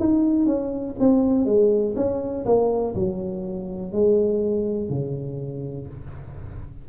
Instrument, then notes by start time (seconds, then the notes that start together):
tuba
0.00 D#4
0.46 C#4
1.00 C4
1.46 G#3
1.96 C#4
2.46 A#3
2.96 F#3
3.93 G#3
4.90 C#3